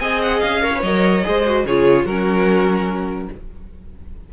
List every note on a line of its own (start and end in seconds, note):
0.00 0.42 C4
0.00 0.62 G#4
0.00 0.63 D#5
0.00 0.21 G#5
0.22 0.40 F#5
0.40 0.83 C#4
0.40 0.81 F5
0.62 0.72 A#4
0.62 1.25 C#5
0.75 0.85 B4
0.82 1.24 F#3
0.82 1.24 A#4
0.82 1.65 D#5
1.24 1.65 G#3
1.24 1.45 G#4
1.24 1.66 C5
1.46 1.67 F#4
1.65 2.05 C#3
1.65 2.09 F4
1.65 2.06 G#4
1.65 2.06 C#5
2.05 3.29 F#3
2.05 3.33 C#4
2.05 3.30 F#4
2.05 3.30 A#4